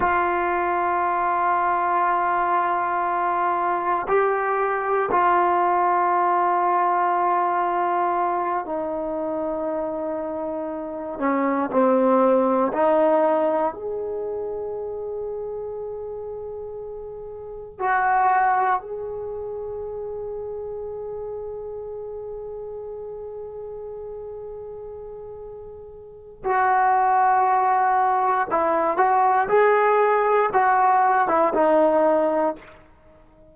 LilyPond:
\new Staff \with { instrumentName = "trombone" } { \time 4/4 \tempo 4 = 59 f'1 | g'4 f'2.~ | f'8 dis'2~ dis'8 cis'8 c'8~ | c'8 dis'4 gis'2~ gis'8~ |
gis'4. fis'4 gis'4.~ | gis'1~ | gis'2 fis'2 | e'8 fis'8 gis'4 fis'8. e'16 dis'4 | }